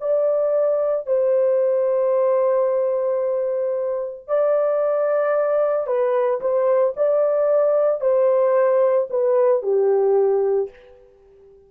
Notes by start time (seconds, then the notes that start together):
0.00 D5
1.07 C5
4.28 D5
5.87 B4
6.40 C5
6.96 D5
8.01 C5
9.10 B4
9.62 G4